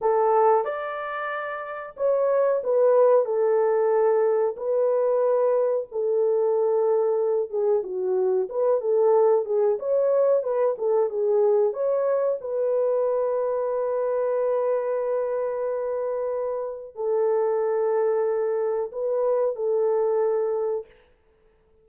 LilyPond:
\new Staff \with { instrumentName = "horn" } { \time 4/4 \tempo 4 = 92 a'4 d''2 cis''4 | b'4 a'2 b'4~ | b'4 a'2~ a'8 gis'8 | fis'4 b'8 a'4 gis'8 cis''4 |
b'8 a'8 gis'4 cis''4 b'4~ | b'1~ | b'2 a'2~ | a'4 b'4 a'2 | }